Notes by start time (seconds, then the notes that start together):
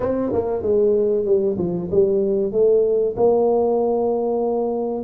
0.00 C4
0.32 A#3
0.62 G#3
1.25 G3
1.58 F3
1.91 G3
2.52 A3
3.16 A#3